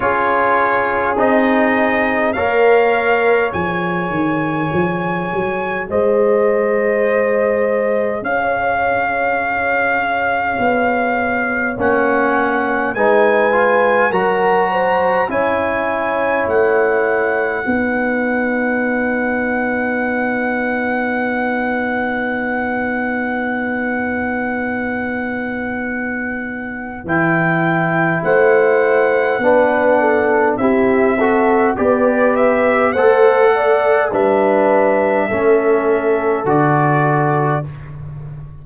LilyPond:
<<
  \new Staff \with { instrumentName = "trumpet" } { \time 4/4 \tempo 4 = 51 cis''4 dis''4 f''4 gis''4~ | gis''4 dis''2 f''4~ | f''2 fis''4 gis''4 | ais''4 gis''4 fis''2~ |
fis''1~ | fis''2. g''4 | fis''2 e''4 d''8 e''8 | fis''4 e''2 d''4 | }
  \new Staff \with { instrumentName = "horn" } { \time 4/4 gis'2 cis''2~ | cis''4 c''2 cis''4~ | cis''2. b'4 | ais'8 c''8 cis''2 b'4~ |
b'1~ | b'1 | c''4 b'8 a'8 g'8 a'8 b'4 | c''8 d''8 b'4 a'2 | }
  \new Staff \with { instrumentName = "trombone" } { \time 4/4 f'4 dis'4 ais'4 gis'4~ | gis'1~ | gis'2 cis'4 dis'8 f'8 | fis'4 e'2 dis'4~ |
dis'1~ | dis'2. e'4~ | e'4 d'4 e'8 fis'8 g'4 | a'4 d'4 cis'4 fis'4 | }
  \new Staff \with { instrumentName = "tuba" } { \time 4/4 cis'4 c'4 ais4 f8 dis8 | f8 fis8 gis2 cis'4~ | cis'4 b4 ais4 gis4 | fis4 cis'4 a4 b4~ |
b1~ | b2. e4 | a4 b4 c'4 b4 | a4 g4 a4 d4 | }
>>